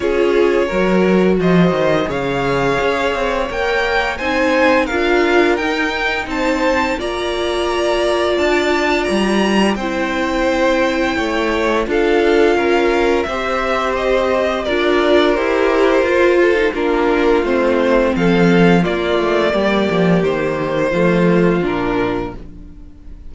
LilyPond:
<<
  \new Staff \with { instrumentName = "violin" } { \time 4/4 \tempo 4 = 86 cis''2 dis''4 f''4~ | f''4 g''4 gis''4 f''4 | g''4 a''4 ais''2 | a''4 ais''4 g''2~ |
g''4 f''2 e''4 | dis''4 d''4 c''2 | ais'4 c''4 f''4 d''4~ | d''4 c''2 ais'4 | }
  \new Staff \with { instrumentName = "violin" } { \time 4/4 gis'4 ais'4 c''4 cis''4~ | cis''2 c''4 ais'4~ | ais'4 c''4 d''2~ | d''2 c''2 |
cis''4 a'4 ais'4 c''4~ | c''4 ais'2~ ais'8 a'8 | f'2 a'4 f'4 | g'2 f'2 | }
  \new Staff \with { instrumentName = "viola" } { \time 4/4 f'4 fis'2 gis'4~ | gis'4 ais'4 dis'4 f'4 | dis'2 f'2~ | f'2 e'2~ |
e'4 f'2 g'4~ | g'4 f'4 g'4 f'8. dis'16 | d'4 c'2 ais4~ | ais2 a4 d'4 | }
  \new Staff \with { instrumentName = "cello" } { \time 4/4 cis'4 fis4 f8 dis8 cis4 | cis'8 c'8 ais4 c'4 d'4 | dis'4 c'4 ais2 | d'4 g4 c'2 |
a4 d'4 cis'4 c'4~ | c'4 d'4 e'4 f'4 | ais4 a4 f4 ais8 a8 | g8 f8 dis4 f4 ais,4 | }
>>